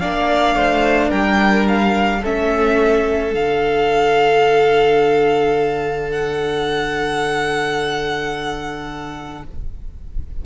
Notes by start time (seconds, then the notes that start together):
0.00 A#3 D4 D5 F5
0.55 A3 C5
1.09 G3 A#4 G5
1.68 F5
2.21 A3 C#4 A4 E5
3.34 D3 D4 F5
6.11 F#5